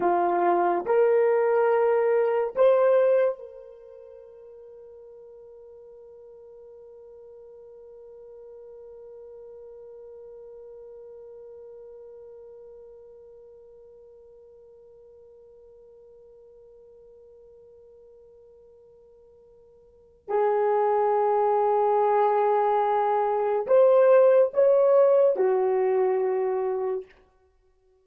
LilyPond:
\new Staff \with { instrumentName = "horn" } { \time 4/4 \tempo 4 = 71 f'4 ais'2 c''4 | ais'1~ | ais'1~ | ais'1~ |
ais'1~ | ais'1 | gis'1 | c''4 cis''4 fis'2 | }